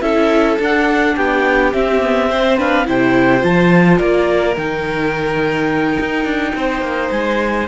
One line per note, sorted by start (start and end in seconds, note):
0.00 0.58 C#4
0.00 0.58 E4
0.00 1.15 A4
0.00 0.57 E5
0.59 1.15 D4
0.59 1.72 D4
0.59 1.16 F#5
1.16 1.73 B3
1.16 2.29 G4
1.16 1.72 G5
1.72 2.00 C4
1.72 2.87 C4
1.72 2.58 E5
2.01 2.29 B3
2.29 2.57 C4
2.29 2.57 C5
2.57 2.85 D4
2.57 2.86 B4
2.57 2.87 F5
2.85 3.42 C3
2.85 3.40 E4
2.85 3.97 C5
2.85 3.43 G5
3.40 3.99 F3
3.40 4.53 F4
3.40 3.98 A5
3.97 4.56 A#3
3.97 6.52 A#4
3.97 4.55 D5
4.56 5.98 D#3
4.56 7.67 D#4
4.56 7.10 G5
6.00 6.24 D#4
6.24 6.53 D4
6.54 6.81 C4
6.54 7.67 C5
6.81 7.09 A#3
7.10 7.67 G#3
7.10 7.67 G#5